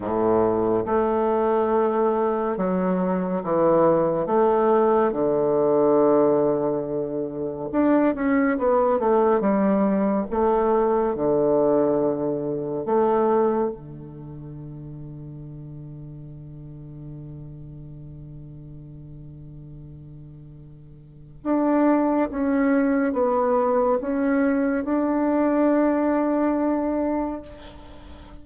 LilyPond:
\new Staff \with { instrumentName = "bassoon" } { \time 4/4 \tempo 4 = 70 a,4 a2 fis4 | e4 a4 d2~ | d4 d'8 cis'8 b8 a8 g4 | a4 d2 a4 |
d1~ | d1~ | d4 d'4 cis'4 b4 | cis'4 d'2. | }